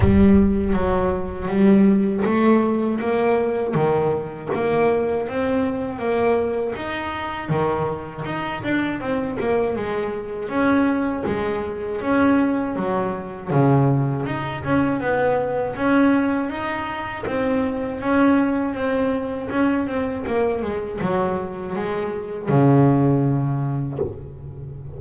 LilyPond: \new Staff \with { instrumentName = "double bass" } { \time 4/4 \tempo 4 = 80 g4 fis4 g4 a4 | ais4 dis4 ais4 c'4 | ais4 dis'4 dis4 dis'8 d'8 | c'8 ais8 gis4 cis'4 gis4 |
cis'4 fis4 cis4 dis'8 cis'8 | b4 cis'4 dis'4 c'4 | cis'4 c'4 cis'8 c'8 ais8 gis8 | fis4 gis4 cis2 | }